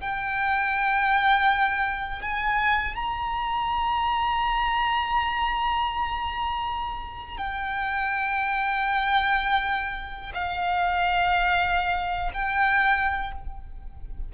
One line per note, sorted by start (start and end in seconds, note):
0.00 2.21 G5
2.21 2.95 G#5
2.95 7.37 A#5
7.37 10.32 G5
10.34 12.31 F5
12.33 13.31 G5